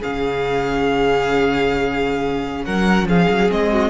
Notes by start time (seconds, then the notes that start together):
0.00 C#3 C#4 G#4 F5
2.65 F#3 A#4 F#5
3.05 F3 G#4 F5
3.29 F#3
3.49 G#3 C4 D#5
3.72 F#4